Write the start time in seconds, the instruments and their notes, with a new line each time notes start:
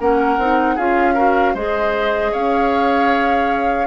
0.00 bassoon A#3, clarinet C#4, oboe A#4, flute F#5
0.38 bassoon C4, clarinet D#4
0.75 bassoon C#4, clarinet F4, oboe G#4, flute F5
1.14 clarinet F#4, oboe A#4
1.55 bassoon G#3, clarinet G#4, oboe C5, flute D#5
2.32 bassoon C#4, oboe C#5, flute F5